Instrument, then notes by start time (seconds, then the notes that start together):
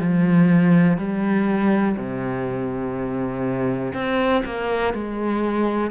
cello
0.00 F3
0.98 G3
1.97 C3
3.94 C4
4.46 A#3
4.94 G#3